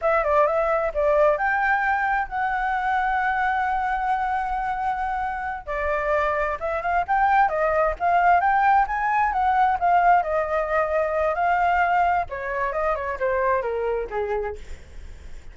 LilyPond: \new Staff \with { instrumentName = "flute" } { \time 4/4 \tempo 4 = 132 e''8 d''8 e''4 d''4 g''4~ | g''4 fis''2.~ | fis''1~ | fis''8 d''2 e''8 f''8 g''8~ |
g''8 dis''4 f''4 g''4 gis''8~ | gis''8 fis''4 f''4 dis''4.~ | dis''4 f''2 cis''4 | dis''8 cis''8 c''4 ais'4 gis'4 | }